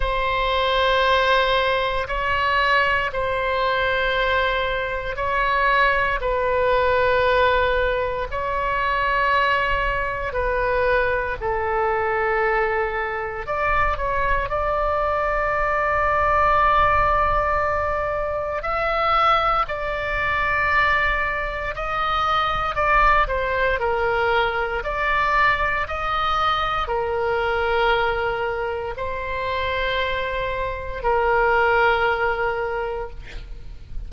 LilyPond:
\new Staff \with { instrumentName = "oboe" } { \time 4/4 \tempo 4 = 58 c''2 cis''4 c''4~ | c''4 cis''4 b'2 | cis''2 b'4 a'4~ | a'4 d''8 cis''8 d''2~ |
d''2 e''4 d''4~ | d''4 dis''4 d''8 c''8 ais'4 | d''4 dis''4 ais'2 | c''2 ais'2 | }